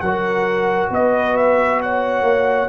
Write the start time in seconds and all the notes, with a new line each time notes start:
0.00 F#3 F#4 A#4 F#5
0.90 B3 B4 D#5
1.36 E5
1.81 C#5 F#5
2.22 A#3